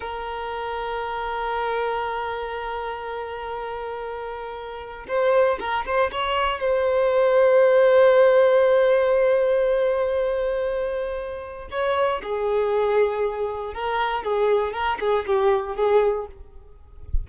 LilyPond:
\new Staff \with { instrumentName = "violin" } { \time 4/4 \tempo 4 = 118 ais'1~ | ais'1~ | ais'2 c''4 ais'8 c''8 | cis''4 c''2.~ |
c''1~ | c''2. cis''4 | gis'2. ais'4 | gis'4 ais'8 gis'8 g'4 gis'4 | }